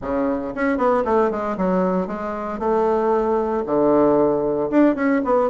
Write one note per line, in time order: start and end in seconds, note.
0.01 0.53 C#3
0.54 0.77 C#4
0.77 1.03 B3
1.04 1.30 A3
1.30 1.57 G#3
1.57 2.07 F#3
2.07 2.59 G#3
2.59 3.63 A3
3.65 4.70 D3
4.70 4.95 D4
4.95 5.21 C#4
5.24 5.50 B3